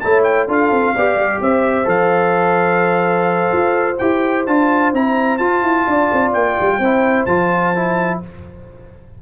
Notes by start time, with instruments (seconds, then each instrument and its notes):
0.00 tuba A3, trombone E4, horn C#5, trumpet A5
0.24 trumpet G5
0.48 tuba D4, trombone F4, horn A4, trumpet F5
0.71 tuba C4
0.95 tuba B3, trombone G4, horn D5
1.16 tuba G3
1.42 tuba C4, horn C5, trumpet E5
1.85 tuba F3, trombone A4, trumpet F5
3.53 tuba F4
3.99 tuba E4, trombone G4, trumpet G5
4.46 tuba D4, trombone F4, trumpet A5
4.94 tuba C4, trombone E4, trumpet A#5
5.38 tuba F4, trombone F4, trumpet A5
5.63 tuba E4
5.88 tuba D4, horn D5
6.13 tuba C4
6.33 tuba A#3, trumpet G5
6.61 tuba G3
6.79 tuba C4, trombone E4, horn C5
7.26 tuba F3, trombone F4, trumpet A5
7.76 trombone E4